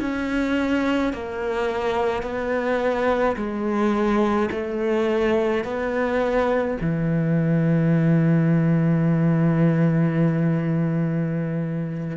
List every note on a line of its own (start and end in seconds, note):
0.00 1.13 C#4
1.13 2.23 A#3
2.23 3.36 B3
3.37 4.50 G#3
4.51 5.64 A3
5.64 6.78 B3
6.81 12.17 E3